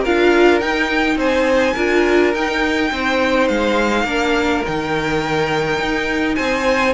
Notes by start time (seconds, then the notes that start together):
0.00 D4 F4 A#4 F5
0.60 D#4 G5
1.16 C4 C5 G#5
1.74 D4 F4 A#4
2.34 D#4 G5
2.92 C4 C5
3.48 G#3 F5
4.04 A#3 D4 A#4
4.66 D#3 D#4 G5
5.80 D#4
6.35 C4 C5 G#5